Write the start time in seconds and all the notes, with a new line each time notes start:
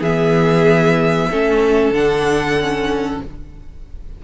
0.00 E3 B3 G#4 E5
1.31 A3 C#4 A4
1.91 D3 D4 F#5
2.60 C#4